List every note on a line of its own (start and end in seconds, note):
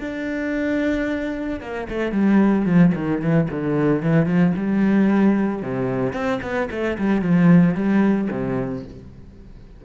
0.00 1.61 D4
1.61 1.88 A#3
1.90 2.12 A3
2.12 2.66 G3
2.66 2.93 F3
2.95 3.22 D#3
3.22 3.49 E3
3.51 4.03 D3
4.03 4.27 E3
4.27 4.53 F3
4.57 5.63 G3
5.63 6.14 C3
6.14 6.40 C4
6.42 6.69 B3
6.71 6.98 A3
6.99 7.22 G3
7.22 7.76 F3
7.76 8.29 G3
8.31 8.85 C3